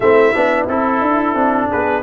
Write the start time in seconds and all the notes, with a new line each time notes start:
0.00 A3 C4 E4 E5
0.34 B3 D4
0.67 C4 E4 A4
1.01 D4
1.34 C4 D4
1.68 B3 G#4 B4